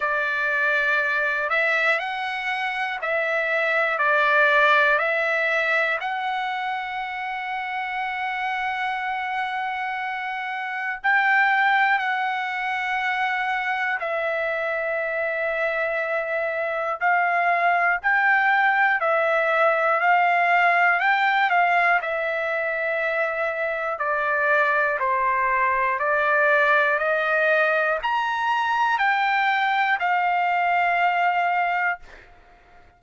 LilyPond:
\new Staff \with { instrumentName = "trumpet" } { \time 4/4 \tempo 4 = 60 d''4. e''8 fis''4 e''4 | d''4 e''4 fis''2~ | fis''2. g''4 | fis''2 e''2~ |
e''4 f''4 g''4 e''4 | f''4 g''8 f''8 e''2 | d''4 c''4 d''4 dis''4 | ais''4 g''4 f''2 | }